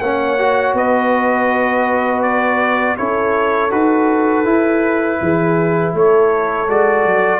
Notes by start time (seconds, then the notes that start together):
0.00 A#3 C#4 C#5 F#5
0.38 F#4
0.73 B3 B4 D#5
2.22 D5
2.96 C#4 E4 A4 C#5
3.70 D#4 F#4 B4
4.45 E4
5.21 E3 G#4
5.93 A3 A4 C#5
6.67 G#3 F#4 D5
7.05 F#3